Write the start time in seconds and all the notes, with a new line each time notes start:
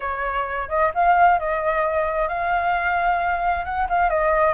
0.00 C#5
0.68 D#5
0.94 F5
1.39 D#5
2.28 F5
3.64 F#5
3.89 F5
4.09 D#5